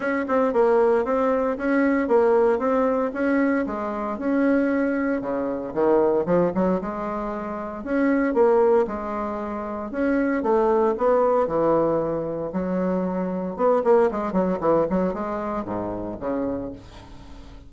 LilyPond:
\new Staff \with { instrumentName = "bassoon" } { \time 4/4 \tempo 4 = 115 cis'8 c'8 ais4 c'4 cis'4 | ais4 c'4 cis'4 gis4 | cis'2 cis4 dis4 | f8 fis8 gis2 cis'4 |
ais4 gis2 cis'4 | a4 b4 e2 | fis2 b8 ais8 gis8 fis8 | e8 fis8 gis4 gis,4 cis4 | }